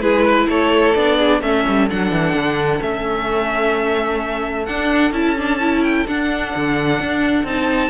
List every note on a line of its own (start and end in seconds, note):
0.00 0.47 G#3
0.00 0.96 E4
0.00 0.25 G#4
0.00 0.47 B4
0.25 0.48 B4
0.48 0.95 A3
0.48 1.18 A4
0.48 0.94 C#5
0.94 1.41 B3
0.94 1.42 D4
0.94 1.41 D5
1.18 1.41 G#4
1.41 1.65 A3
1.41 1.88 C#4
1.41 7.90 A4
1.41 1.89 E5
1.67 1.91 G3
1.90 2.11 F#3
1.90 2.80 D4
1.90 2.82 F#5
2.11 2.33 E3
2.33 2.80 D3
2.80 4.68 A3
2.80 4.66 C#4
2.80 4.66 E5
4.66 5.11 D4
4.66 5.13 D4
4.66 5.12 F#5
5.11 6.04 C#4
5.11 5.37 E4
5.11 5.83 A5
5.37 5.60 D4
5.60 6.06 E4
5.83 6.07 G5
6.07 6.54 D4
6.07 7.46 D4
6.07 7.47 F#5
6.56 7.00 D3
7.00 7.44 D4
7.44 7.90 C4
7.44 7.90 D#4
7.44 7.90 A5